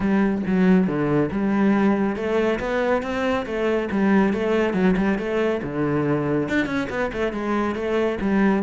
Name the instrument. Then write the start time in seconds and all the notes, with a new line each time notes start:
cello
0.00 G3
0.46 F#3
0.87 D3
1.31 G3
2.16 A3
2.59 B3
3.02 C4
3.45 A3
3.91 G3
4.33 A3
4.73 F#3
4.96 G3
5.18 A3
5.62 D3
6.48 D4
6.66 C#4
6.89 B3
7.13 A3
7.32 G#3
7.75 A3
8.21 G3